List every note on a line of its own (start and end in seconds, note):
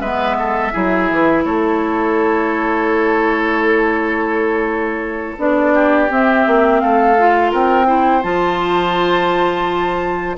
0.00 0.71 G#3
0.00 0.72 B3
0.00 0.36 B4
0.00 1.43 E5
0.38 0.73 A4
0.72 1.11 F#3
0.72 5.36 E4
0.72 1.44 G#4
1.11 1.44 E3
1.44 5.37 A3
1.44 5.74 A4
1.44 5.37 C#5
5.38 6.09 B3
5.38 6.09 D4
5.38 6.11 D5
5.74 6.81 G4
6.09 7.17 C4
6.09 6.46 C4
6.09 6.79 E5
6.46 6.82 A#3
6.79 7.53 A3
6.79 7.51 A4
6.79 7.51 F5
7.18 7.85 F4
7.51 8.23 C4
7.51 7.86 A#4
7.51 8.22 G5
7.85 8.21 E4
7.85 10.36 C5
8.22 10.37 F3
8.22 10.36 F4
8.22 10.37 A5